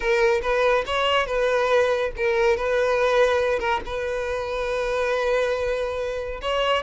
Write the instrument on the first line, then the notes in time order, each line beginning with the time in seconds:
violin
0.00 A#4
0.42 B4
0.86 C#5
1.26 B4
2.17 A#4
2.56 B4
3.59 A#4
3.85 B4
6.41 C#5